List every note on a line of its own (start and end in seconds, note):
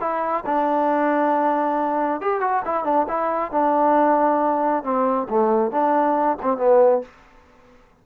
0.00 0.44 E4
0.46 2.21 D4
2.21 2.40 G4
2.40 2.62 F#4
2.65 2.84 E4
2.84 3.06 D4
3.08 3.51 E4
3.51 4.83 D4
4.83 5.27 C4
5.29 5.71 A3
5.71 6.37 D4
6.42 6.57 C4
6.57 7.01 B3